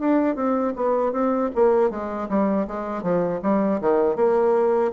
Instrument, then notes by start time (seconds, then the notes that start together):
bassoon
0.00 D4
0.36 C4
0.76 B3
1.12 C4
1.55 A#3
1.91 G#3
2.29 G3
2.68 G#3
3.02 F3
3.43 G3
3.81 D#3
4.16 A#3